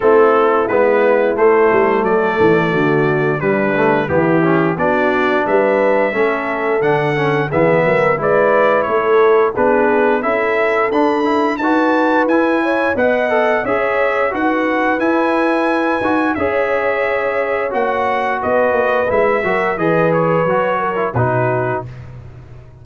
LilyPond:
<<
  \new Staff \with { instrumentName = "trumpet" } { \time 4/4 \tempo 4 = 88 a'4 b'4 c''4 d''4~ | d''4 b'4 g'4 d''4 | e''2 fis''4 e''4 | d''4 cis''4 b'4 e''4 |
b''4 a''4 gis''4 fis''4 | e''4 fis''4 gis''2 | e''2 fis''4 dis''4 | e''4 dis''8 cis''4. b'4 | }
  \new Staff \with { instrumentName = "horn" } { \time 4/4 e'2. a'4 | fis'4 d'4 e'4 fis'4 | b'4 a'2 gis'8 ais'8 | b'4 a'4 gis'4 a'4~ |
a'4 b'4. cis''8 dis''4 | cis''4 b'2. | cis''2. b'4~ | b'8 ais'8 b'4. ais'8 fis'4 | }
  \new Staff \with { instrumentName = "trombone" } { \time 4/4 c'4 b4 a2~ | a4 g8 a8 b8 cis'8 d'4~ | d'4 cis'4 d'8 cis'8 b4 | e'2 d'4 e'4 |
d'8 e'8 fis'4 e'4 b'8 a'8 | gis'4 fis'4 e'4. fis'8 | gis'2 fis'2 | e'8 fis'8 gis'4 fis'8. e'16 dis'4 | }
  \new Staff \with { instrumentName = "tuba" } { \time 4/4 a4 gis4 a8 g8 fis8 e8 | d4 g4 e4 b4 | g4 a4 d4 e8 fis8 | gis4 a4 b4 cis'4 |
d'4 dis'4 e'4 b4 | cis'4 dis'4 e'4. dis'8 | cis'2 ais4 b8 ais8 | gis8 fis8 e4 fis4 b,4 | }
>>